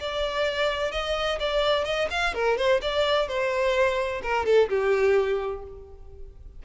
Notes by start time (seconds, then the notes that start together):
0.00 D5
0.92 D#5
1.40 D5
1.85 D#5
2.11 F5
2.34 A#4
2.58 C5
2.82 D5
3.28 C5
4.23 A#4
4.46 A4
4.69 G4